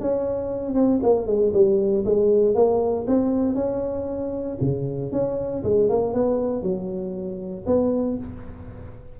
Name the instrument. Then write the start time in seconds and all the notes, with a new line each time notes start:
tuba
0.00 C#4
0.74 C4
1.03 A#3
1.26 G#3
1.53 G3
2.05 G#3
2.54 A#3
3.07 C4
3.55 C#4
4.60 C#3
5.12 C#4
5.63 G#3
5.89 A#3
6.13 B3
6.62 F#3
7.66 B3